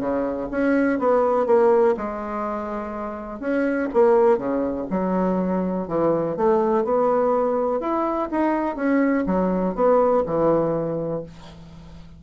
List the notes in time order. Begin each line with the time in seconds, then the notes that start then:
0.00 C#3
0.51 C#4
1.00 B3
1.47 A#3
1.98 G#3
3.40 C#4
3.94 A#3
4.38 C#3
4.90 F#3
5.88 E3
6.37 A3
6.84 B3
7.80 E4
8.31 D#4
8.76 C#4
9.27 F#3
9.75 B3
10.26 E3